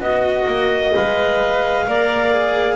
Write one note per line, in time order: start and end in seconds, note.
0.00 0.46 B3
0.00 0.92 F#4
0.00 0.93 D#5
0.00 1.86 D#5
0.47 0.93 A#3
0.95 1.87 G#3
0.95 1.88 B4
0.95 2.75 F5
1.87 2.75 A#3
1.87 2.32 A#4
1.87 2.75 D5
2.32 2.75 G#4